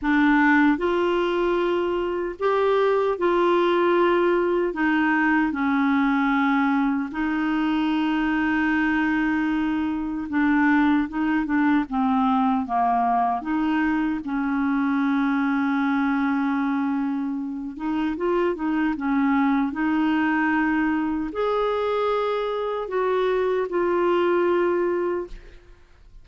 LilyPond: \new Staff \with { instrumentName = "clarinet" } { \time 4/4 \tempo 4 = 76 d'4 f'2 g'4 | f'2 dis'4 cis'4~ | cis'4 dis'2.~ | dis'4 d'4 dis'8 d'8 c'4 |
ais4 dis'4 cis'2~ | cis'2~ cis'8 dis'8 f'8 dis'8 | cis'4 dis'2 gis'4~ | gis'4 fis'4 f'2 | }